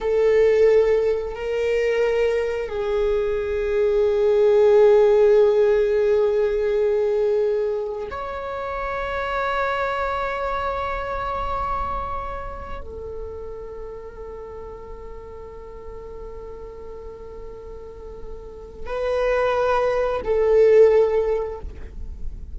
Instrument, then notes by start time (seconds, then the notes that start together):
viola
0.00 A4
1.35 A#4
2.68 G#4
8.10 C#5
12.80 A4
18.86 B4
20.24 A4